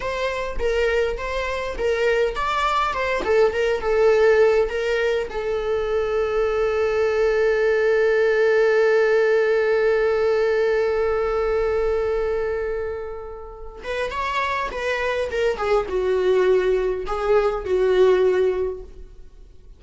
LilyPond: \new Staff \with { instrumentName = "viola" } { \time 4/4 \tempo 4 = 102 c''4 ais'4 c''4 ais'4 | d''4 c''8 a'8 ais'8 a'4. | ais'4 a'2.~ | a'1~ |
a'1~ | a'2.~ a'8 b'8 | cis''4 b'4 ais'8 gis'8 fis'4~ | fis'4 gis'4 fis'2 | }